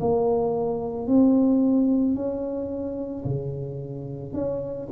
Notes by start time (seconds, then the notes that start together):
0.00 A#3
1.07 C4
2.15 C#4
3.25 C#3
4.33 C#4